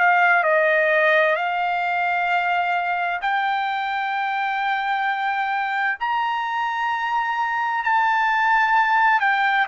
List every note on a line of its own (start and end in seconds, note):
0.00 0.44 F5
0.44 1.36 D#5
1.36 3.21 F5
3.22 5.99 G5
6.00 7.84 A#5
7.84 9.21 A5
9.21 9.67 G5